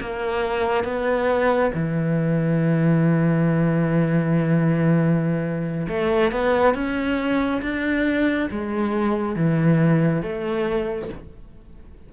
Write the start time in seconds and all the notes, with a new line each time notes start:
0.00 A#3
0.84 B3
1.74 E3
5.88 A3
6.31 B3
6.74 C#4
7.62 D4
8.51 G#3
9.35 E3
10.22 A3